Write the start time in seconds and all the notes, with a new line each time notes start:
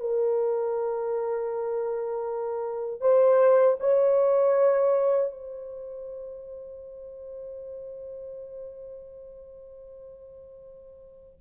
0.00 A#4
3.01 C5
3.80 C#5
5.32 C5